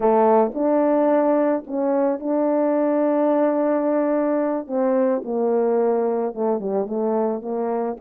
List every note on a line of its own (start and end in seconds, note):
0.00 0.51 A3
0.54 1.64 D4
1.67 2.19 C#4
2.19 4.67 D4
4.67 5.22 C4
5.24 6.34 A#3
6.34 6.60 A3
6.60 6.86 G3
6.86 7.41 A3
7.41 7.96 A#3